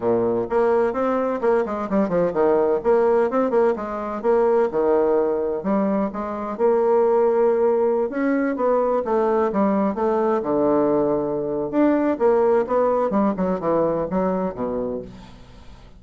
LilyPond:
\new Staff \with { instrumentName = "bassoon" } { \time 4/4 \tempo 4 = 128 ais,4 ais4 c'4 ais8 gis8 | g8 f8 dis4 ais4 c'8 ais8 | gis4 ais4 dis2 | g4 gis4 ais2~ |
ais4~ ais16 cis'4 b4 a8.~ | a16 g4 a4 d4.~ d16~ | d4 d'4 ais4 b4 | g8 fis8 e4 fis4 b,4 | }